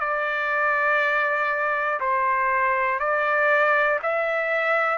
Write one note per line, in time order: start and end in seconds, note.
0.00 2.00 D5
2.00 3.00 C5
3.00 4.00 D5
4.03 4.98 E5